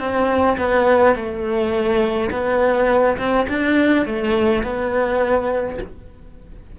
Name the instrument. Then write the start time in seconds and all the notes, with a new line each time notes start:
cello
0.00 C4
0.58 B3
1.15 A3
2.31 B3
3.18 C4
3.49 D4
4.06 A3
4.63 B3